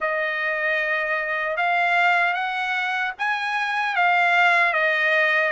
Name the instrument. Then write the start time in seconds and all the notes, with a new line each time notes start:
trumpet
0.00 D#5
1.56 F5
2.33 F#5
3.18 G#5
3.95 F5
4.73 D#5